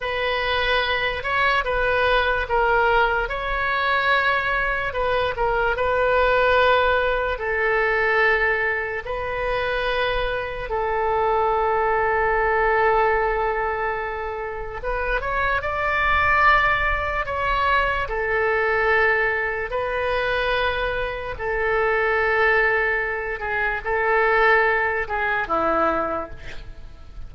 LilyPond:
\new Staff \with { instrumentName = "oboe" } { \time 4/4 \tempo 4 = 73 b'4. cis''8 b'4 ais'4 | cis''2 b'8 ais'8 b'4~ | b'4 a'2 b'4~ | b'4 a'2.~ |
a'2 b'8 cis''8 d''4~ | d''4 cis''4 a'2 | b'2 a'2~ | a'8 gis'8 a'4. gis'8 e'4 | }